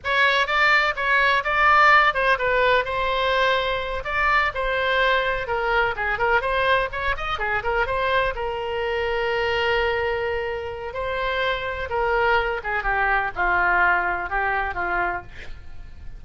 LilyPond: \new Staff \with { instrumentName = "oboe" } { \time 4/4 \tempo 4 = 126 cis''4 d''4 cis''4 d''4~ | d''8 c''8 b'4 c''2~ | c''8 d''4 c''2 ais'8~ | ais'8 gis'8 ais'8 c''4 cis''8 dis''8 gis'8 |
ais'8 c''4 ais'2~ ais'8~ | ais'2. c''4~ | c''4 ais'4. gis'8 g'4 | f'2 g'4 f'4 | }